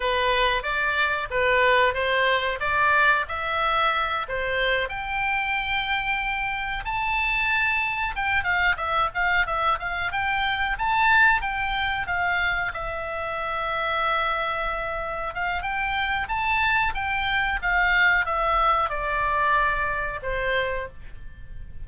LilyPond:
\new Staff \with { instrumentName = "oboe" } { \time 4/4 \tempo 4 = 92 b'4 d''4 b'4 c''4 | d''4 e''4. c''4 g''8~ | g''2~ g''8 a''4.~ | a''8 g''8 f''8 e''8 f''8 e''8 f''8 g''8~ |
g''8 a''4 g''4 f''4 e''8~ | e''2.~ e''8 f''8 | g''4 a''4 g''4 f''4 | e''4 d''2 c''4 | }